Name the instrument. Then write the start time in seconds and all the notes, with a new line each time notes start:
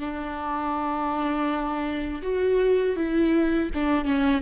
viola
0.00 D4
2.23 F#4
2.97 E4
3.75 D4
4.05 C#4